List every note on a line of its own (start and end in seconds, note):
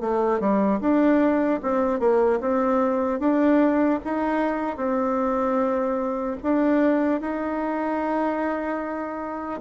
0.00 0.40 A3
0.40 0.80 G3
0.80 1.60 D4
1.62 1.99 C4
1.99 2.39 A#3
2.40 3.19 C4
3.19 3.99 D4
4.04 4.76 D#4
4.76 6.36 C4
6.43 7.20 D4
7.20 9.60 D#4